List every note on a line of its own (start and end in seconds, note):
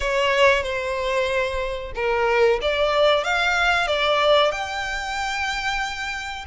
0.00 0.63 C#5
0.63 1.92 C5
1.95 2.59 A#4
2.61 3.24 D5
3.24 3.87 F5
3.87 4.51 D5
4.51 6.45 G5